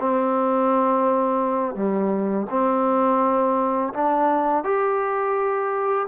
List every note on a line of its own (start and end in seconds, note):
0.00 1.75 C4
1.75 2.47 G3
2.50 3.93 C4
3.94 4.64 D4
4.64 6.07 G4